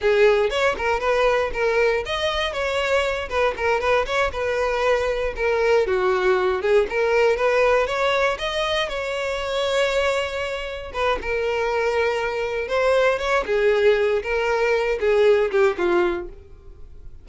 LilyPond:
\new Staff \with { instrumentName = "violin" } { \time 4/4 \tempo 4 = 118 gis'4 cis''8 ais'8 b'4 ais'4 | dis''4 cis''4. b'8 ais'8 b'8 | cis''8 b'2 ais'4 fis'8~ | fis'4 gis'8 ais'4 b'4 cis''8~ |
cis''8 dis''4 cis''2~ cis''8~ | cis''4. b'8 ais'2~ | ais'4 c''4 cis''8 gis'4. | ais'4. gis'4 g'8 f'4 | }